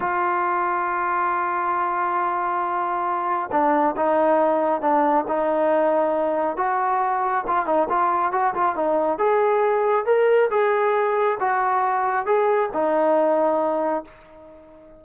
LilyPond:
\new Staff \with { instrumentName = "trombone" } { \time 4/4 \tempo 4 = 137 f'1~ | f'1 | d'4 dis'2 d'4 | dis'2. fis'4~ |
fis'4 f'8 dis'8 f'4 fis'8 f'8 | dis'4 gis'2 ais'4 | gis'2 fis'2 | gis'4 dis'2. | }